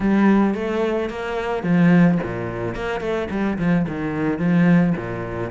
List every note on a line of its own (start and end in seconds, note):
0.00 0.54 G3
0.54 1.09 A3
1.09 1.63 A#3
1.63 2.18 F3
2.23 2.75 A#2
2.75 3.00 A#3
3.00 3.28 A3
3.30 3.58 G3
3.58 3.86 F3
3.88 4.38 D#3
4.38 4.93 F3
4.96 5.50 A#2